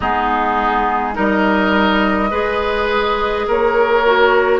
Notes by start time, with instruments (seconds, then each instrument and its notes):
0.00 bassoon G#3, clarinet B3, oboe D#4, flute G#4
1.13 bassoon G3, clarinet D#4, oboe A#4, flute D#5
2.30 bassoon G#3, clarinet G#4, oboe B4
3.47 bassoon A#3, oboe A#4, flute C#5
4.05 clarinet F#4